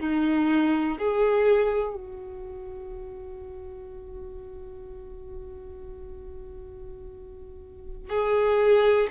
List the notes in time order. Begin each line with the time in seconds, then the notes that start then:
0.00 D#4
0.99 G#4
1.95 F#4
8.10 G#4